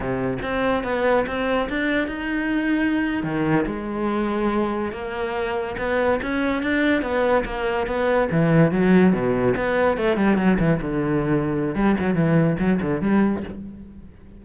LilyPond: \new Staff \with { instrumentName = "cello" } { \time 4/4 \tempo 4 = 143 c4 c'4 b4 c'4 | d'4 dis'2~ dis'8. dis16~ | dis8. gis2. ais16~ | ais4.~ ais16 b4 cis'4 d'16~ |
d'8. b4 ais4 b4 e16~ | e8. fis4 b,4 b4 a16~ | a16 g8 fis8 e8 d2~ d16 | g8 fis8 e4 fis8 d8 g4 | }